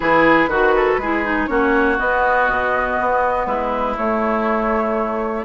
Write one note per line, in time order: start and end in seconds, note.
0.00 0.47 E3
0.00 0.49 E4
0.00 0.49 G#4
0.00 1.46 B4
0.47 0.96 D#3
0.47 0.74 F#4
0.47 1.01 F#4
0.75 1.00 A4
0.97 1.47 G#3
0.97 1.23 E4
0.97 1.49 G#4
1.23 1.47 D#4
1.46 1.99 A#3
1.46 1.97 C#4
1.46 3.47 F#4
1.46 1.96 C#5
1.98 3.97 B3
1.98 2.48 B3
1.98 3.46 D#5
2.48 2.97 B2
3.00 3.46 B3
3.46 3.95 G#3
3.46 5.44 E4
3.46 3.95 B4
3.97 5.44 A3
3.97 5.44 C#5